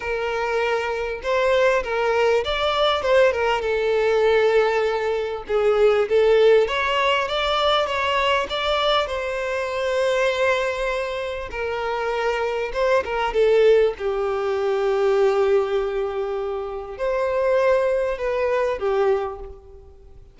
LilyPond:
\new Staff \with { instrumentName = "violin" } { \time 4/4 \tempo 4 = 99 ais'2 c''4 ais'4 | d''4 c''8 ais'8 a'2~ | a'4 gis'4 a'4 cis''4 | d''4 cis''4 d''4 c''4~ |
c''2. ais'4~ | ais'4 c''8 ais'8 a'4 g'4~ | g'1 | c''2 b'4 g'4 | }